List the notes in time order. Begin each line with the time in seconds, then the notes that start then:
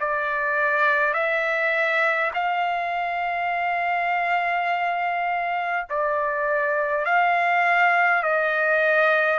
0.00 D5
1.14 E5
2.34 F5
5.90 D5
7.05 F5
8.23 D#5